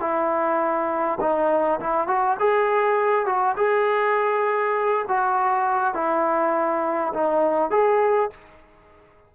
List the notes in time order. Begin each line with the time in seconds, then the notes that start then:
0.00 E4
1.21 D#4
1.81 E4
2.08 F#4
2.40 G#4
3.26 F#4
3.57 G#4
5.08 F#4
5.95 E4
7.14 D#4
7.71 G#4